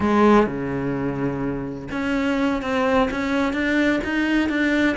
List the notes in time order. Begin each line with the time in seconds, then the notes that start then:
0.00 G#3
0.46 C#3
1.91 C#4
2.61 C4
3.10 C#4
3.53 D4
4.04 D#4
4.49 D4